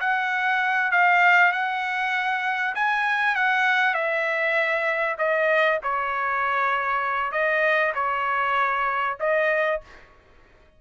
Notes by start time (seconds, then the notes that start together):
0.00 F#5
0.92 F5
1.52 F#5
2.75 G#5
3.35 F#5
3.94 E5
5.18 D#5
5.83 C#5
7.32 D#5
7.95 C#5
9.19 D#5